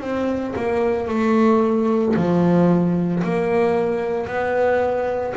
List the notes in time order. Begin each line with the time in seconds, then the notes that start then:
0.00 C4
0.56 A#3
1.08 A3
2.16 F3
3.23 A#3
4.27 B3